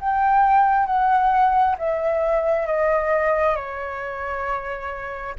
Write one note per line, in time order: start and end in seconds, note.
0.00 0.87 G5
0.87 1.76 F#5
1.78 2.67 E5
2.67 3.56 D#5
3.56 5.35 C#5